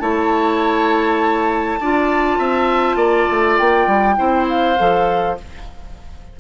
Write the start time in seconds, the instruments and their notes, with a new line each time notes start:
0.00 bassoon A3, clarinet E4, oboe C#5, flute A5
1.81 bassoon D4, clarinet F4, oboe D5
2.39 bassoon C4, oboe E5
2.96 bassoon A#3, oboe D5
3.30 bassoon A3
3.58 bassoon A#3, flute G5
3.87 bassoon G3
4.17 bassoon C4, clarinet E4, oboe C5
4.49 flute F5
4.78 bassoon F3, clarinet A4